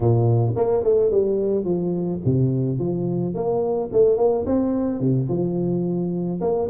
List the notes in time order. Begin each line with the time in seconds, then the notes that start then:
0.00 A#2
0.56 A#3
0.83 A3
1.11 G3
1.64 F3
2.25 C3
2.78 F3
3.34 A#3
3.92 A3
4.17 A#3
4.46 C4
4.99 C3
5.29 F3
6.40 A#3